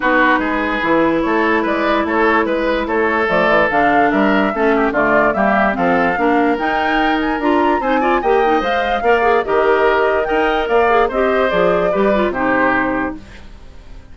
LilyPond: <<
  \new Staff \with { instrumentName = "flute" } { \time 4/4 \tempo 4 = 146 b'2. cis''4 | d''4 cis''4 b'4 cis''4 | d''4 f''4 e''2 | d''4 e''4 f''2 |
g''4. gis''8 ais''4 gis''4 | g''4 f''2 dis''4~ | dis''4 g''4 f''4 dis''4 | d''2 c''2 | }
  \new Staff \with { instrumentName = "oboe" } { \time 4/4 fis'4 gis'2 a'4 | b'4 a'4 b'4 a'4~ | a'2 ais'4 a'8 g'8 | f'4 g'4 a'4 ais'4~ |
ais'2. c''8 d''8 | dis''2 d''4 ais'4~ | ais'4 dis''4 d''4 c''4~ | c''4 b'4 g'2 | }
  \new Staff \with { instrumentName = "clarinet" } { \time 4/4 dis'2 e'2~ | e'1 | a4 d'2 cis'4 | a4 ais4 c'4 d'4 |
dis'2 f'4 dis'8 f'8 | g'8 dis'8 c''4 ais'8 gis'8 g'4~ | g'4 ais'4. gis'8 g'4 | gis'4 g'8 f'8 dis'2 | }
  \new Staff \with { instrumentName = "bassoon" } { \time 4/4 b4 gis4 e4 a4 | gis4 a4 gis4 a4 | f8 e8 d4 g4 a4 | d4 g4 f4 ais4 |
dis'2 d'4 c'4 | ais4 gis4 ais4 dis4~ | dis4 dis'4 ais4 c'4 | f4 g4 c2 | }
>>